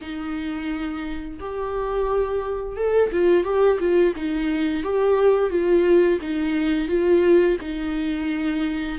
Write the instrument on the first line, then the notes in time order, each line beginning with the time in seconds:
viola
0.01 D#4
1.39 G4
2.76 A4
3.12 F4
3.44 G4
3.79 F4
4.15 D#4
4.83 G4
5.50 F4
6.21 D#4
6.88 F4
7.60 D#4